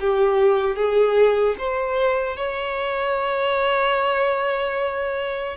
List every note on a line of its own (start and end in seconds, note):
0.00 0.76 G4
0.76 1.56 G#4
1.58 2.36 C5
2.36 5.56 C#5